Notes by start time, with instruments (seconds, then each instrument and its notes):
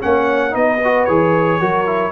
0.00 tuba A#3, trombone C#4, horn C#5, trumpet F#5
0.51 tuba B3, trombone D#4, horn B4, trumpet D#5
0.85 trombone F#4
1.05 tuba E3, trombone G#4, trumpet C#5
1.61 tuba F#3, trombone F#4, horn A#4
1.86 trombone E4